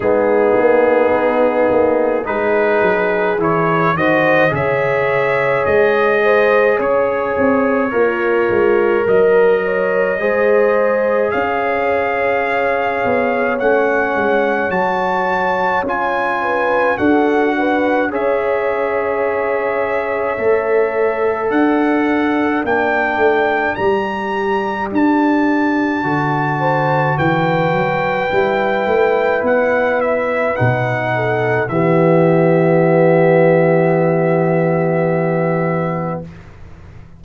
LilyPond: <<
  \new Staff \with { instrumentName = "trumpet" } { \time 4/4 \tempo 4 = 53 gis'2 b'4 cis''8 dis''8 | e''4 dis''4 cis''2 | dis''2 f''2 | fis''4 a''4 gis''4 fis''4 |
e''2. fis''4 | g''4 ais''4 a''2 | g''2 fis''8 e''8 fis''4 | e''1 | }
  \new Staff \with { instrumentName = "horn" } { \time 4/4 dis'2 gis'4. c''8 | cis''4. c''8 cis''4 f'4 | ais'8 cis''8 c''4 cis''2~ | cis''2~ cis''8 b'8 a'8 b'8 |
cis''2. d''4~ | d''2.~ d''8 c''8 | b'2.~ b'8 a'8 | g'1 | }
  \new Staff \with { instrumentName = "trombone" } { \time 4/4 b2 dis'4 e'8 fis'8 | gis'2. ais'4~ | ais'4 gis'2. | cis'4 fis'4 f'4 fis'4 |
gis'2 a'2 | d'4 g'2 fis'4~ | fis'4 e'2 dis'4 | b1 | }
  \new Staff \with { instrumentName = "tuba" } { \time 4/4 gis8 ais8 b8 ais8 gis8 fis8 e8 dis8 | cis4 gis4 cis'8 c'8 ais8 gis8 | fis4 gis4 cis'4. b8 | a8 gis8 fis4 cis'4 d'4 |
cis'2 a4 d'4 | ais8 a8 g4 d'4 d4 | e8 fis8 g8 a8 b4 b,4 | e1 | }
>>